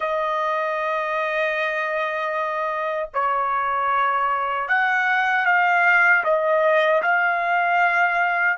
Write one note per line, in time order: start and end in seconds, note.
0.00 3.09 D#5
3.13 4.68 C#5
4.68 5.45 F#5
5.45 6.23 F5
6.23 7.01 D#5
7.02 8.57 F5